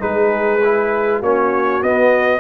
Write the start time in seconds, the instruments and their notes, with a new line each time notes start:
0.00 tuba G#3, trombone D#4, horn G#4, trumpet B4
0.65 trombone E4
1.19 tuba A#3, trombone C#4, horn F#4, trumpet C#5
1.83 tuba B3, trombone B3, trumpet D#5